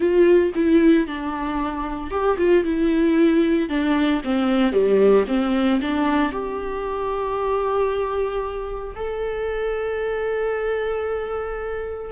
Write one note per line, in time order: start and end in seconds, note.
0.00 0.53 F4
0.54 1.06 E4
1.06 2.11 D4
2.11 2.37 G4
2.37 2.63 F4
2.64 3.69 E4
3.69 4.22 D4
4.24 4.72 C4
4.72 5.25 G3
5.27 5.80 C4
5.81 6.32 D4
6.32 8.95 G4
8.95 12.11 A4